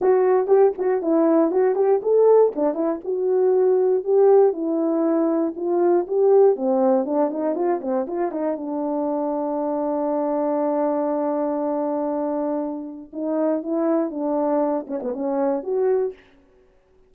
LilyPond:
\new Staff \with { instrumentName = "horn" } { \time 4/4 \tempo 4 = 119 fis'4 g'8 fis'8 e'4 fis'8 g'8 | a'4 d'8 e'8 fis'2 | g'4 e'2 f'4 | g'4 c'4 d'8 dis'8 f'8 c'8 |
f'8 dis'8 d'2.~ | d'1~ | d'2 dis'4 e'4 | d'4. cis'16 b16 cis'4 fis'4 | }